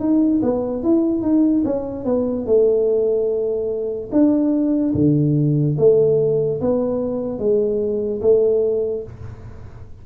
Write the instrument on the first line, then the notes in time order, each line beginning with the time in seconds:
tuba
0.00 D#4
0.43 B3
0.83 E4
1.22 D#4
1.65 C#4
2.05 B3
2.46 A3
4.12 D4
4.95 D3
5.78 A3
6.61 B3
7.39 G#3
8.22 A3